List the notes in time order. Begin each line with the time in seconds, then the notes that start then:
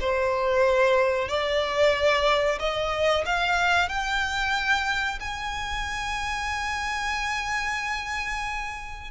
0.00 C5
1.28 D5
2.59 D#5
3.25 F5
3.89 G5
5.20 G#5